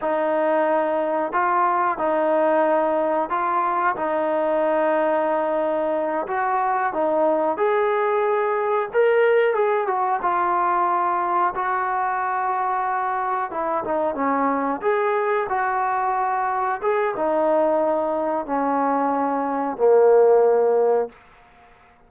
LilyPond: \new Staff \with { instrumentName = "trombone" } { \time 4/4 \tempo 4 = 91 dis'2 f'4 dis'4~ | dis'4 f'4 dis'2~ | dis'4. fis'4 dis'4 gis'8~ | gis'4. ais'4 gis'8 fis'8 f'8~ |
f'4. fis'2~ fis'8~ | fis'8 e'8 dis'8 cis'4 gis'4 fis'8~ | fis'4. gis'8 dis'2 | cis'2 ais2 | }